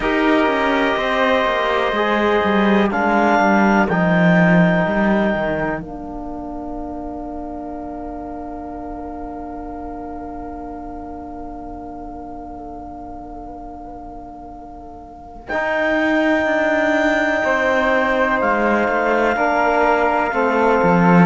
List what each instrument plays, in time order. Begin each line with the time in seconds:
0.00 cello D#4, trombone G4, flute A#4, clarinet D#5
0.46 cello C#4
0.96 cello C4, flute C5
1.45 cello A#3
1.92 cello G#3, trombone G#4
2.44 cello G3
2.87 cello G#3, trombone D4, flute A#4, clarinet F5
3.39 cello G3
3.88 cello F3, trombone D#4, clarinet G5
4.85 cello G3
5.34 cello D#3
5.80 cello A#3, trombone D4, clarinet F5
15.48 trombone D#4, cello D#4, clarinet G5
16.45 cello D4
17.44 cello C4, flute C5
18.41 cello G#3, clarinet F5
18.87 cello A3
19.35 cello A#3, trombone D4, flute A#4
20.31 cello A3, trombone C4, flute A4
20.83 cello F3